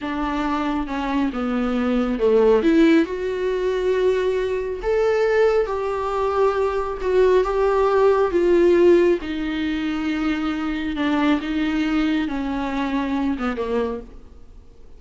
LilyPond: \new Staff \with { instrumentName = "viola" } { \time 4/4 \tempo 4 = 137 d'2 cis'4 b4~ | b4 a4 e'4 fis'4~ | fis'2. a'4~ | a'4 g'2. |
fis'4 g'2 f'4~ | f'4 dis'2.~ | dis'4 d'4 dis'2 | cis'2~ cis'8 b8 ais4 | }